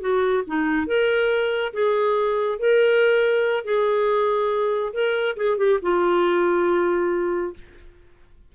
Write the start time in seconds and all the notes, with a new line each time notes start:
0.00 F#4
0.47 D#4
0.87 A#4
1.73 G#4
2.59 A#4
3.64 G#4
4.93 A#4
5.36 G#4
5.58 G4
5.82 F4